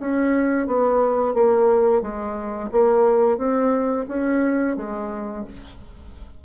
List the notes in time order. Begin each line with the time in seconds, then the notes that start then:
0.00 C#4
0.67 B3
1.34 A#3
2.02 G#3
2.72 A#3
3.38 C4
4.08 C#4
4.77 G#3